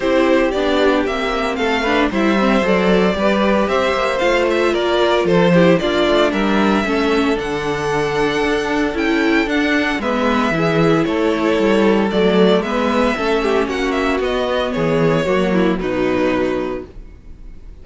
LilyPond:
<<
  \new Staff \with { instrumentName = "violin" } { \time 4/4 \tempo 4 = 114 c''4 d''4 e''4 f''4 | e''4 d''2 e''4 | f''8 e''8 d''4 c''4 d''4 | e''2 fis''2~ |
fis''4 g''4 fis''4 e''4~ | e''4 cis''2 d''4 | e''2 fis''8 e''8 dis''4 | cis''2 b'2 | }
  \new Staff \with { instrumentName = "violin" } { \time 4/4 g'2. a'8 b'8 | c''2 b'4 c''4~ | c''4 ais'4 a'8 g'8 f'4 | ais'4 a'2.~ |
a'2. b'4 | gis'4 a'2. | b'4 a'8 g'8 fis'2 | gis'4 fis'8 e'8 dis'2 | }
  \new Staff \with { instrumentName = "viola" } { \time 4/4 e'4 d'4 c'4. d'8 | e'8 c'8 a'4 g'2 | f'2~ f'8 e'8 d'4~ | d'4 cis'4 d'2~ |
d'4 e'4 d'4 b4 | e'2. a4 | b4 cis'2 b4~ | b4 ais4 fis2 | }
  \new Staff \with { instrumentName = "cello" } { \time 4/4 c'4 b4 ais4 a4 | g4 fis4 g4 c'8 ais8 | a4 ais4 f4 ais8 a8 | g4 a4 d2 |
d'4 cis'4 d'4 gis4 | e4 a4 g4 fis4 | gis4 a4 ais4 b4 | e4 fis4 b,2 | }
>>